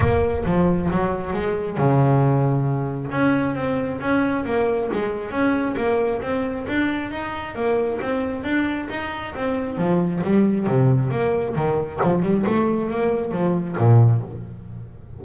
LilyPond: \new Staff \with { instrumentName = "double bass" } { \time 4/4 \tempo 4 = 135 ais4 f4 fis4 gis4 | cis2. cis'4 | c'4 cis'4 ais4 gis4 | cis'4 ais4 c'4 d'4 |
dis'4 ais4 c'4 d'4 | dis'4 c'4 f4 g4 | c4 ais4 dis4 f8 g8 | a4 ais4 f4 ais,4 | }